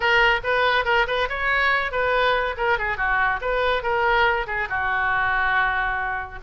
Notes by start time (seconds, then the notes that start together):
0.00 A#4
0.43 B4
0.85 A#4
1.07 B4
1.29 C#5
1.91 B4
2.57 A#4
2.78 G#4
2.97 F#4
3.41 B4
3.82 A#4
4.47 G#4
4.69 F#4